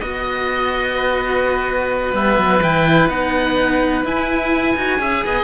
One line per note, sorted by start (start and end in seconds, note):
0.00 2.13 B3
0.00 2.13 F#4
0.00 2.14 D#5
0.00 0.96 D#5
0.96 5.00 B4
2.13 2.37 G3
2.13 2.60 B3
2.13 2.63 E5
2.38 2.61 F#3
2.61 3.08 E3
2.61 3.09 E4
2.61 3.09 G5
3.09 4.04 B3
3.09 4.04 D#4
3.09 4.04 F#5
4.04 4.75 E4
4.04 4.77 E4
4.04 5.44 G#5
4.75 4.99 D#4
4.75 4.99 F#4
4.99 5.23 C#4
4.99 5.44 G#4
4.99 5.25 E5
5.25 5.44 B3
5.25 5.44 D#5